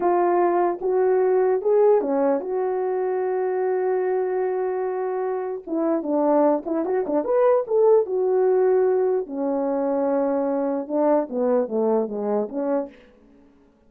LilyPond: \new Staff \with { instrumentName = "horn" } { \time 4/4 \tempo 4 = 149 f'2 fis'2 | gis'4 cis'4 fis'2~ | fis'1~ | fis'2 e'4 d'4~ |
d'8 e'8 fis'8 d'8 b'4 a'4 | fis'2. cis'4~ | cis'2. d'4 | b4 a4 gis4 cis'4 | }